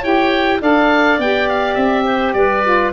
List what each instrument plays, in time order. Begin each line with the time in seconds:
0.00 tuba E4, saxophone G4, clarinet C#5, oboe G5
0.61 tuba D4, saxophone A4, clarinet D5, oboe F5
1.18 tuba B3, saxophone G4, oboe G5
1.49 oboe F5
1.74 tuba C4, oboe E5
2.04 clarinet C5
2.33 tuba G3, clarinet B4, oboe D5
2.64 saxophone F4